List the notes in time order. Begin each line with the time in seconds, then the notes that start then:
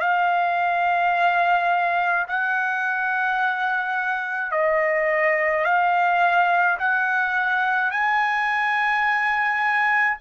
0.00 F5
2.28 F#5
4.51 D#5
5.64 F5
6.79 F#5
7.91 G#5